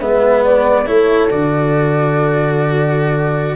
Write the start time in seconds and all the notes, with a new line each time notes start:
0.00 G#3 B3 B4 E5
0.45 D5
0.85 A3 E4 A4 C#5
1.30 D3 F#4 D5